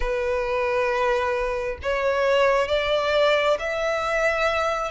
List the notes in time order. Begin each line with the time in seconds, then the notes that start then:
0.00 B4
1.82 C#5
2.68 D5
3.59 E5